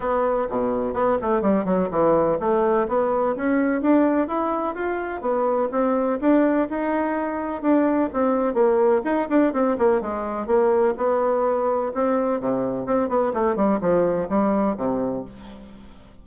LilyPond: \new Staff \with { instrumentName = "bassoon" } { \time 4/4 \tempo 4 = 126 b4 b,4 b8 a8 g8 fis8 | e4 a4 b4 cis'4 | d'4 e'4 f'4 b4 | c'4 d'4 dis'2 |
d'4 c'4 ais4 dis'8 d'8 | c'8 ais8 gis4 ais4 b4~ | b4 c'4 c4 c'8 b8 | a8 g8 f4 g4 c4 | }